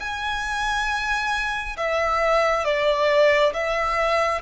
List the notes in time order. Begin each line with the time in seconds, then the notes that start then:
0.00 G#5
1.77 E5
2.65 D5
3.53 E5